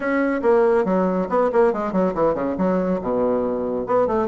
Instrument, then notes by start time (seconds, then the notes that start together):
bassoon
0.00 C#4
0.42 A#3
0.85 F#3
1.29 B3
1.52 A#3
1.73 G#3
1.92 F#3
2.14 E3
2.34 C#3
2.57 F#3
3.01 B2
3.86 B3
4.07 A3